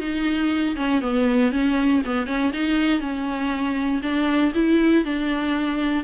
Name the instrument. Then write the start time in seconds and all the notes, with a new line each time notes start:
viola
0.00 D#4
0.76 C#4
1.01 B3
1.51 C#4
2.05 B3
2.27 C#4
2.53 D#4
3.00 C#4
4.02 D4
4.54 E4
5.05 D4